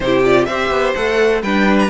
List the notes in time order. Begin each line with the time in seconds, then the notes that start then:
0.00 C3 E4 G4 C5
0.24 F4 D5
0.45 C4 G4 C5 E5
0.70 B3
0.94 A3 A4 F#5
1.42 G3 D4 B4 G5
1.78 A#5